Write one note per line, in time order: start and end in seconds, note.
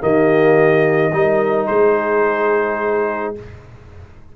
0.00 1.12 D#3
0.00 1.11 A#3
0.00 1.13 G4
0.00 1.66 D#5
1.12 1.68 G3
1.12 3.35 D#4
1.12 1.69 A#4
1.66 3.36 G#3
1.66 3.35 G#4
1.66 3.33 C5